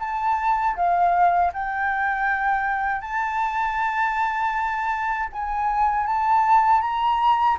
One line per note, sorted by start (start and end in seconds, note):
0.00 0.76 A5
0.76 1.52 F5
1.54 3.01 G5
3.01 5.29 A5
5.33 6.07 G#5
6.07 6.82 A5
6.82 7.58 A#5